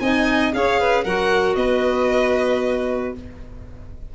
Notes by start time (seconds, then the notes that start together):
0.00 C4 D#4 D#5 G#5
0.53 C#4 G#4 C#5 F5
0.80 B4
1.04 F#3 F#4 A#4 F#5
1.55 B3 B4 D#5